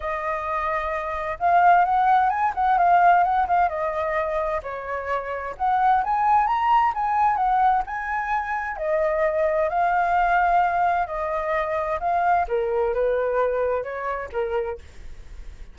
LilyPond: \new Staff \with { instrumentName = "flute" } { \time 4/4 \tempo 4 = 130 dis''2. f''4 | fis''4 gis''8 fis''8 f''4 fis''8 f''8 | dis''2 cis''2 | fis''4 gis''4 ais''4 gis''4 |
fis''4 gis''2 dis''4~ | dis''4 f''2. | dis''2 f''4 ais'4 | b'2 cis''4 ais'4 | }